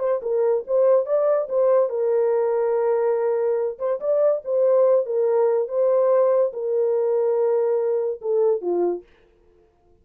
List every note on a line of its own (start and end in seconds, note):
0.00 0.21 C5
0.23 0.65 A#4
0.68 1.06 C5
1.06 1.48 D5
1.49 1.90 C5
1.90 3.79 A#4
3.79 4.00 C5
4.01 4.43 D5
4.45 5.07 C5
5.07 5.69 A#4
5.69 6.53 C5
6.53 8.21 A#4
8.22 8.62 A4
8.62 9.04 F4